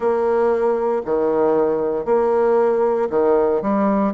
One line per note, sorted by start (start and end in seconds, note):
0.00 1.02 A#3
1.05 2.05 D#3
2.05 3.08 A#3
3.10 3.62 D#3
3.62 4.13 G3